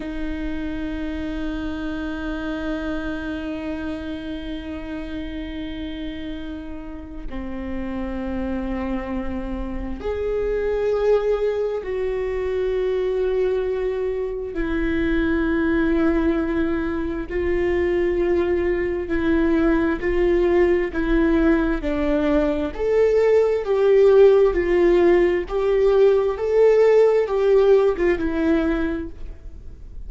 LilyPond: \new Staff \with { instrumentName = "viola" } { \time 4/4 \tempo 4 = 66 dis'1~ | dis'1 | c'2. gis'4~ | gis'4 fis'2. |
e'2. f'4~ | f'4 e'4 f'4 e'4 | d'4 a'4 g'4 f'4 | g'4 a'4 g'8. f'16 e'4 | }